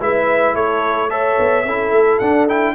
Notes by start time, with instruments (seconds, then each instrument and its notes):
0.00 tuba G#3, trombone E4, horn B4, trumpet E5
0.54 tuba A3, horn A4, trumpet C#5
1.09 trombone A4, horn C#5, trumpet E5
1.39 tuba B3
1.64 tuba C#4, trombone E4, horn A4
1.91 tuba A3
2.19 tuba D4, trombone D4, trumpet F#5
2.48 trombone E4, trumpet G5